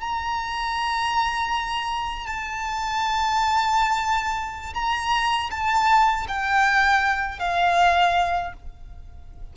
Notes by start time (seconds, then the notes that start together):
0.00 A#5
2.26 A5
4.74 A#5
5.50 A5
6.28 G5
7.39 F5